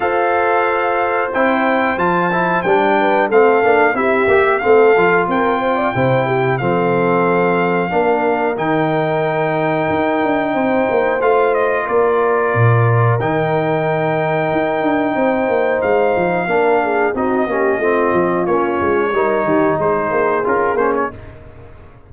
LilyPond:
<<
  \new Staff \with { instrumentName = "trumpet" } { \time 4/4 \tempo 4 = 91 f''2 g''4 a''4 | g''4 f''4 e''4 f''4 | g''2 f''2~ | f''4 g''2.~ |
g''4 f''8 dis''8 d''2 | g''1 | f''2 dis''2 | cis''2 c''4 ais'8 c''16 cis''16 | }
  \new Staff \with { instrumentName = "horn" } { \time 4/4 c''1~ | c''8 b'8 a'4 g'4 a'4 | ais'8 c''16 d''16 c''8 g'8 a'2 | ais'1 |
c''2 ais'2~ | ais'2. c''4~ | c''4 ais'8 gis'8 fis'8 g'8 f'4~ | f'4 ais'8 g'8 gis'2 | }
  \new Staff \with { instrumentName = "trombone" } { \time 4/4 a'2 e'4 f'8 e'8 | d'4 c'8 d'8 e'8 g'8 c'8 f'8~ | f'4 e'4 c'2 | d'4 dis'2.~ |
dis'4 f'2. | dis'1~ | dis'4 d'4 dis'8 cis'8 c'4 | cis'4 dis'2 f'8 cis'8 | }
  \new Staff \with { instrumentName = "tuba" } { \time 4/4 f'2 c'4 f4 | g4 a8 ais8 c'8 ais8 a8 f8 | c'4 c4 f2 | ais4 dis2 dis'8 d'8 |
c'8 ais8 a4 ais4 ais,4 | dis2 dis'8 d'8 c'8 ais8 | gis8 f8 ais4 c'8 ais8 a8 f8 | ais8 gis8 g8 dis8 gis8 ais8 cis'8 ais8 | }
>>